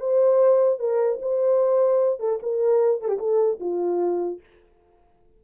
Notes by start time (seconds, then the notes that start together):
0.00 C5
0.79 A#4
1.22 C5
2.20 A4
2.43 A#4
3.01 A4
3.08 G4
3.19 A4
3.60 F4